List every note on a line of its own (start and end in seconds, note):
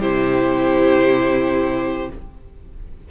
0.00 2.10 C3
0.00 2.11 E4
0.00 2.09 G4
0.00 2.11 C5